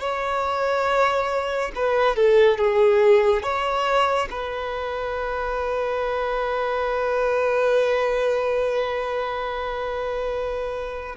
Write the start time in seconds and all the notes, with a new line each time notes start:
0.00 C#5
1.75 B4
2.16 A4
2.58 G#4
3.42 C#5
4.30 B4